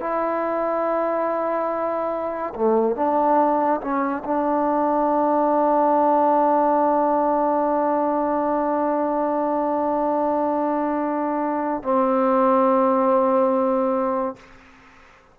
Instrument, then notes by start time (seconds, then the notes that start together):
trombone
0.00 E4
2.55 A3
2.96 D4
3.81 C#4
4.24 D4
11.83 C4